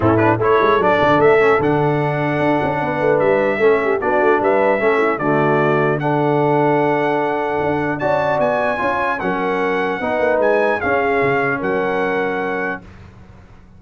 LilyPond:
<<
  \new Staff \with { instrumentName = "trumpet" } { \time 4/4 \tempo 4 = 150 a'8 b'8 cis''4 d''4 e''4 | fis''1 | e''2 d''4 e''4~ | e''4 d''2 fis''4~ |
fis''1 | a''4 gis''2 fis''4~ | fis''2 gis''4 f''4~ | f''4 fis''2. | }
  \new Staff \with { instrumentName = "horn" } { \time 4/4 e'4 a'2.~ | a'2. b'4~ | b'4 a'8 g'8 fis'4 b'4 | a'8 e'8 fis'2 a'4~ |
a'1 | d''2 cis''4 ais'4~ | ais'4 b'2 gis'4~ | gis'4 ais'2. | }
  \new Staff \with { instrumentName = "trombone" } { \time 4/4 cis'8 d'8 e'4 d'4. cis'8 | d'1~ | d'4 cis'4 d'2 | cis'4 a2 d'4~ |
d'1 | fis'2 f'4 cis'4~ | cis'4 dis'2 cis'4~ | cis'1 | }
  \new Staff \with { instrumentName = "tuba" } { \time 4/4 a,4 a8 gis8 fis8 d8 a4 | d2 d'8 cis'8 b8 a8 | g4 a4 b8 a8 g4 | a4 d2.~ |
d2. d'4 | cis'4 b4 cis'4 fis4~ | fis4 b8 ais8 gis4 cis'4 | cis4 fis2. | }
>>